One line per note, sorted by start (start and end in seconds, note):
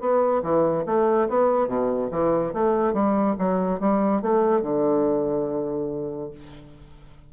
0.00 0.42 B3
0.42 0.85 E3
0.86 1.28 A3
1.28 1.67 B3
1.67 2.10 B2
2.11 2.53 E3
2.53 2.93 A3
2.93 3.36 G3
3.39 3.80 F#3
3.80 4.22 G3
4.22 4.62 A3
4.62 6.31 D3